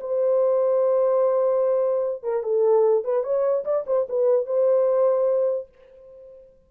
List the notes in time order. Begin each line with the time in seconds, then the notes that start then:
0.00 C5
2.23 A#4
2.43 A4
3.04 B4
3.23 C#5
3.64 D5
3.86 C5
4.09 B4
4.46 C5